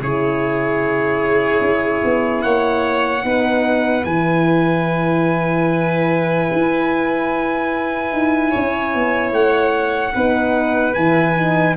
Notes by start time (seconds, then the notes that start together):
0.00 C#3 E4 G#4 C#5
1.60 C#4
2.04 B3
2.42 A#3 C#5 F#5
3.22 B3 D#4 B4
4.04 E3 E4 G#5
6.52 E4
8.12 D#4
8.50 C#4 C#5
8.94 B3
9.32 A3 F#5
10.13 B3 D#4 B4
10.94 E3 E4 G#5
11.36 D#4